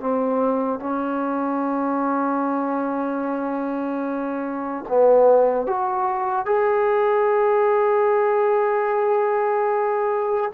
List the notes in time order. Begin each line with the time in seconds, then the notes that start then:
0.00 C4
0.80 C#4
4.88 B3
5.66 F#4
6.46 G#4